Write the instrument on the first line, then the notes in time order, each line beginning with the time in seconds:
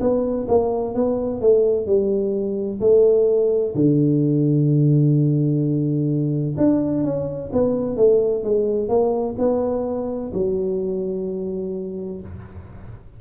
tuba
0.00 B3
0.48 A#3
0.94 B3
1.41 A3
1.86 G3
2.80 A3
3.75 D3
6.57 D4
7.04 C#4
7.53 B3
7.96 A3
8.43 G#3
8.88 A#3
9.38 B3
10.33 F#3